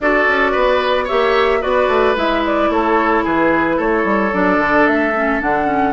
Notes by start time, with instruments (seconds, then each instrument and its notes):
0.00 bassoon D4, clarinet F#4, oboe A4, flute D5
0.27 bassoon C#4
0.51 bassoon B3, oboe B4
1.04 clarinet G4, oboe C#5, flute E5
1.10 bassoon A#3
1.61 bassoon B3, clarinet F#4, oboe B4, flute D5
1.88 bassoon A3
2.15 bassoon G#3, clarinet E4, flute E5
2.45 flute D5
2.69 bassoon A3, oboe A4, flute C#5
3.23 bassoon E3, oboe G#4, flute B4
3.76 bassoon A3, oboe A4, flute C#5
4.04 bassoon G3
4.32 bassoon F#3, clarinet D4, flute D5
4.58 bassoon D3
4.86 bassoon A3, flute E5
5.15 clarinet C#4
5.39 bassoon D3, clarinet D4, flute F#5
5.65 clarinet C#4